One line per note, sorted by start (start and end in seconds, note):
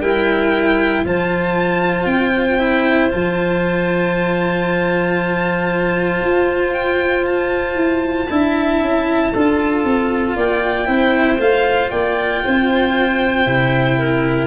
0.00 1.04 G3
0.00 1.05 E4
0.00 1.03 A#4
0.00 1.04 G5
1.04 2.05 F3
1.04 2.58 F4
1.04 8.29 C5
1.04 2.06 A5
2.05 3.09 C4
2.05 3.09 G5
2.58 3.10 E4
3.10 6.21 F3
3.10 8.27 F4
3.10 6.73 A5
6.21 7.75 F4
6.73 7.25 G5
7.26 10.36 A5
7.75 8.27 E4
8.29 8.81 D4
8.29 9.33 E4
8.29 9.32 E5
8.81 9.32 C#4
9.32 9.84 D4
9.32 10.86 F4
9.32 10.36 A4
9.84 10.36 C4
10.36 10.87 A#3
10.36 10.87 D5
10.36 11.40 G5
10.86 11.39 C4
10.86 11.37 E4
10.86 11.91 C5
11.39 11.91 A3
11.39 13.46 F4
11.39 11.90 F5
11.90 12.43 A#3
11.90 12.42 D5
11.90 14.47 G5
12.44 13.46 C4
12.44 13.98 C5
13.46 14.47 C3
13.46 14.47 E4
13.98 14.47 A#4